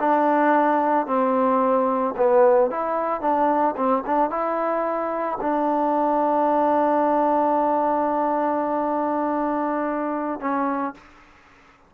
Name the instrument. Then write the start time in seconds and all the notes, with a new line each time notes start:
trombone
0.00 D4
1.07 C4
2.17 B3
2.71 E4
3.21 D4
3.77 C4
4.06 D4
4.30 E4
5.41 D4
10.41 C#4